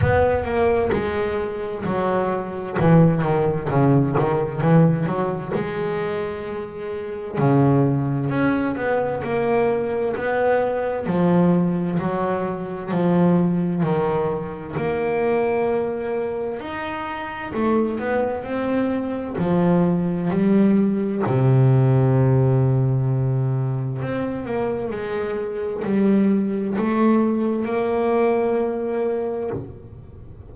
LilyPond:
\new Staff \with { instrumentName = "double bass" } { \time 4/4 \tempo 4 = 65 b8 ais8 gis4 fis4 e8 dis8 | cis8 dis8 e8 fis8 gis2 | cis4 cis'8 b8 ais4 b4 | f4 fis4 f4 dis4 |
ais2 dis'4 a8 b8 | c'4 f4 g4 c4~ | c2 c'8 ais8 gis4 | g4 a4 ais2 | }